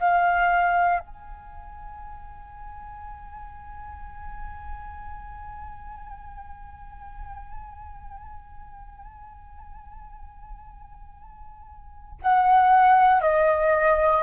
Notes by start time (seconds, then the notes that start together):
0.00 F5
0.99 G#5
12.22 F#5
13.22 D#5